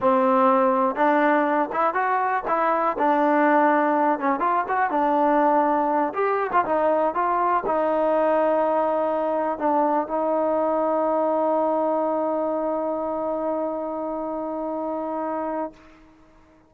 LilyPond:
\new Staff \with { instrumentName = "trombone" } { \time 4/4 \tempo 4 = 122 c'2 d'4. e'8 | fis'4 e'4 d'2~ | d'8 cis'8 f'8 fis'8 d'2~ | d'8 g'8. f'16 dis'4 f'4 dis'8~ |
dis'2.~ dis'8 d'8~ | d'8 dis'2.~ dis'8~ | dis'1~ | dis'1 | }